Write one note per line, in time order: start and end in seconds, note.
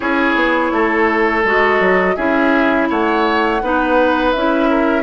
0.00 0.35 C#4
0.00 1.44 E4
0.00 0.72 G#4
0.00 1.43 C#5
0.35 0.71 B3
0.72 1.44 A3
0.72 2.16 A4
1.44 1.80 G#3
1.44 2.16 F#4
1.44 2.16 D#5
1.80 2.16 F#3
2.16 2.89 C#4
2.16 3.61 E4
2.16 2.88 G#4
2.16 2.88 E5
2.89 3.61 A3
2.89 3.62 C#5
2.89 4.32 F#5
3.61 4.34 B3
3.61 4.35 D#4
3.61 4.69 B4
4.32 5.03 C#4
4.32 5.03 E4
4.32 5.03 E5
4.69 5.03 A#4